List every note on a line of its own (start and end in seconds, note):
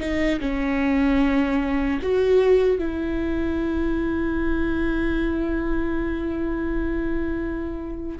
0.00 0.40 D#4
0.40 2.00 C#4
2.02 2.79 F#4
2.79 8.19 E4